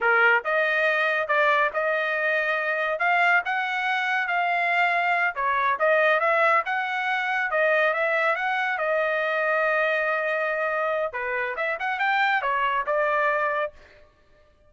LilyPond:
\new Staff \with { instrumentName = "trumpet" } { \time 4/4 \tempo 4 = 140 ais'4 dis''2 d''4 | dis''2. f''4 | fis''2 f''2~ | f''8 cis''4 dis''4 e''4 fis''8~ |
fis''4. dis''4 e''4 fis''8~ | fis''8 dis''2.~ dis''8~ | dis''2 b'4 e''8 fis''8 | g''4 cis''4 d''2 | }